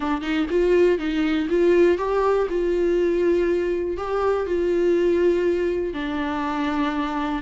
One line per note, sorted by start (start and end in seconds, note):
0.00 0.21 D4
0.21 0.46 D#4
0.50 0.98 F4
0.98 1.47 D#4
1.49 1.97 F4
1.97 2.47 G4
2.49 3.97 F4
3.97 4.46 G4
4.46 5.93 F4
5.93 7.42 D4